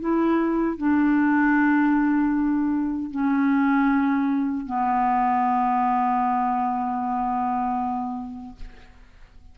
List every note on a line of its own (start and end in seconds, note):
0.00 0.78 E4
0.78 3.11 D4
3.11 4.66 C#4
4.66 8.56 B3